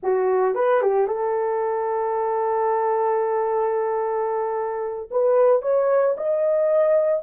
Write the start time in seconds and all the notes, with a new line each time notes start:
0.02 F#4
0.54 B4
0.81 G4
1.07 A4
5.10 B4
5.62 C#5
6.17 D#5